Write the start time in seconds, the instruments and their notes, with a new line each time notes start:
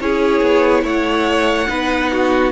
0.00 cello C#4, viola E4, violin G#4 C#5
0.41 cello B3
0.83 cello A3, violin C#5 F#5
1.68 cello B3, viola D#4, violin B4
2.12 violin F#4